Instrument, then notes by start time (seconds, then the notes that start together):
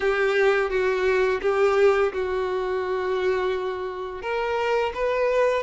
violin
0.00 G4
0.70 F#4
1.41 G4
2.12 F#4
4.22 A#4
4.94 B4